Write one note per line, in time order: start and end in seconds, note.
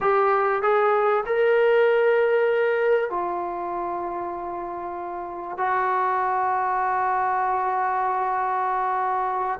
0.01 0.62 G4
0.62 1.24 G#4
1.26 3.10 A#4
3.10 5.57 F4
5.57 9.59 F#4